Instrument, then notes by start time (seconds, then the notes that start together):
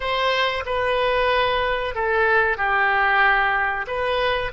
oboe
0.00 C5
0.65 B4
1.94 A4
2.57 G4
3.87 B4